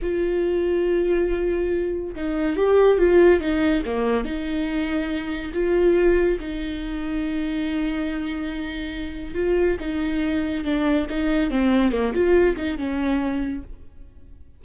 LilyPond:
\new Staff \with { instrumentName = "viola" } { \time 4/4 \tempo 4 = 141 f'1~ | f'4 dis'4 g'4 f'4 | dis'4 ais4 dis'2~ | dis'4 f'2 dis'4~ |
dis'1~ | dis'2 f'4 dis'4~ | dis'4 d'4 dis'4 c'4 | ais8 f'4 dis'8 cis'2 | }